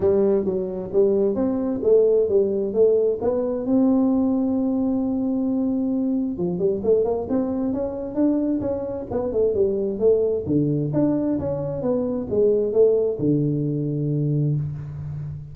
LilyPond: \new Staff \with { instrumentName = "tuba" } { \time 4/4 \tempo 4 = 132 g4 fis4 g4 c'4 | a4 g4 a4 b4 | c'1~ | c'2 f8 g8 a8 ais8 |
c'4 cis'4 d'4 cis'4 | b8 a8 g4 a4 d4 | d'4 cis'4 b4 gis4 | a4 d2. | }